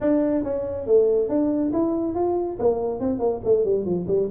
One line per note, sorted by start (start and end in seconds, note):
0.01 0.43 D4
0.43 0.86 C#4
0.86 1.28 A3
1.28 1.71 D4
1.72 2.14 E4
2.14 2.57 F4
2.59 2.99 A#3
2.99 3.19 C4
3.19 3.40 A#3
3.44 3.64 A3
3.64 3.85 G3
3.85 4.06 F3
4.07 4.29 G3